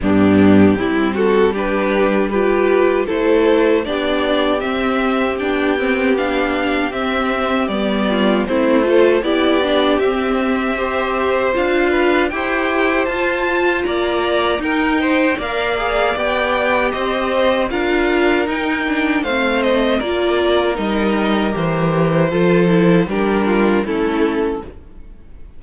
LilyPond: <<
  \new Staff \with { instrumentName = "violin" } { \time 4/4 \tempo 4 = 78 g'4. a'8 b'4 g'4 | c''4 d''4 e''4 g''4 | f''4 e''4 d''4 c''4 | d''4 e''2 f''4 |
g''4 a''4 ais''4 g''4 | f''4 g''4 dis''4 f''4 | g''4 f''8 dis''8 d''4 dis''4 | c''2 ais'4 a'4 | }
  \new Staff \with { instrumentName = "violin" } { \time 4/4 d'4 e'8 fis'8 g'4 b'4 | a'4 g'2.~ | g'2~ g'8 f'8 e'8 a'8 | g'2 c''4. b'8 |
c''2 d''4 ais'8 c''8 | d''2 c''4 ais'4~ | ais'4 c''4 ais'2~ | ais'4 a'4 g'8 f'8 e'4 | }
  \new Staff \with { instrumentName = "viola" } { \time 4/4 b4 c'4 d'4 f'4 | e'4 d'4 c'4 d'8 c'8 | d'4 c'4 b4 c'8 f'8 | e'8 d'8 c'4 g'4 f'4 |
g'4 f'2 dis'4 | ais'8 gis'8 g'2 f'4 | dis'8 d'8 c'4 f'4 dis'4 | g'4 f'8 e'8 d'4 cis'4 | }
  \new Staff \with { instrumentName = "cello" } { \time 4/4 g,4 g2. | a4 b4 c'4 b4~ | b4 c'4 g4 a4 | b4 c'2 d'4 |
e'4 f'4 ais4 dis'4 | ais4 b4 c'4 d'4 | dis'4 a4 ais4 g4 | e4 f4 g4 a4 | }
>>